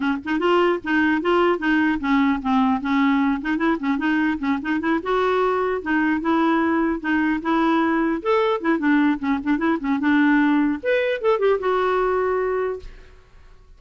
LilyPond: \new Staff \with { instrumentName = "clarinet" } { \time 4/4 \tempo 4 = 150 cis'8 dis'8 f'4 dis'4 f'4 | dis'4 cis'4 c'4 cis'4~ | cis'8 dis'8 e'8 cis'8 dis'4 cis'8 dis'8 | e'8 fis'2 dis'4 e'8~ |
e'4. dis'4 e'4.~ | e'8 a'4 e'8 d'4 cis'8 d'8 | e'8 cis'8 d'2 b'4 | a'8 g'8 fis'2. | }